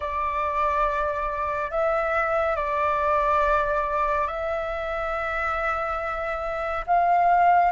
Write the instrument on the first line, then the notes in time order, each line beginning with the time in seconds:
flute
0.00 D5
1.71 E5
2.56 D5
4.27 E5
6.86 F5